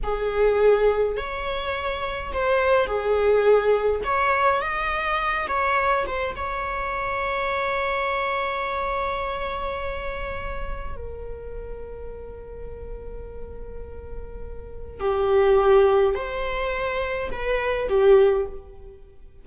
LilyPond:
\new Staff \with { instrumentName = "viola" } { \time 4/4 \tempo 4 = 104 gis'2 cis''2 | c''4 gis'2 cis''4 | dis''4. cis''4 c''8 cis''4~ | cis''1~ |
cis''2. ais'4~ | ais'1~ | ais'2 g'2 | c''2 b'4 g'4 | }